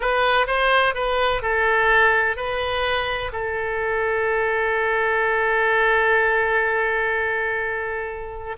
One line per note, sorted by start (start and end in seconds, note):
0.00 0.46 B4
0.46 0.94 C5
0.94 1.42 B4
1.42 2.36 A4
2.36 3.31 B4
3.32 8.56 A4